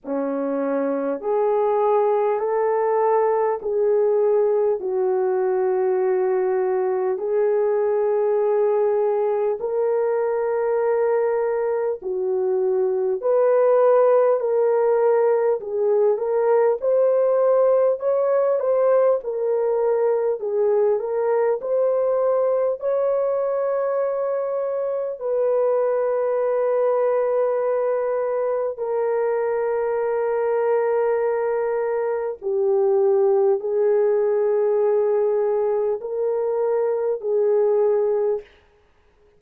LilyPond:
\new Staff \with { instrumentName = "horn" } { \time 4/4 \tempo 4 = 50 cis'4 gis'4 a'4 gis'4 | fis'2 gis'2 | ais'2 fis'4 b'4 | ais'4 gis'8 ais'8 c''4 cis''8 c''8 |
ais'4 gis'8 ais'8 c''4 cis''4~ | cis''4 b'2. | ais'2. g'4 | gis'2 ais'4 gis'4 | }